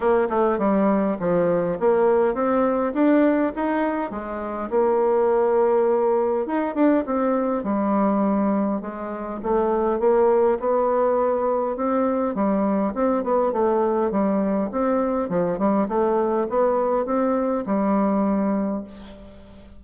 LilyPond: \new Staff \with { instrumentName = "bassoon" } { \time 4/4 \tempo 4 = 102 ais8 a8 g4 f4 ais4 | c'4 d'4 dis'4 gis4 | ais2. dis'8 d'8 | c'4 g2 gis4 |
a4 ais4 b2 | c'4 g4 c'8 b8 a4 | g4 c'4 f8 g8 a4 | b4 c'4 g2 | }